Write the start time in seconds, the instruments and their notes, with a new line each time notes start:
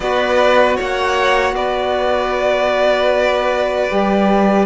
0.00 cello B3, saxophone F#4, violin B4 D5
0.76 cello A#3, violin C#5 F#5
1.52 cello B3, violin B4 D5
3.89 cello G3, saxophone G4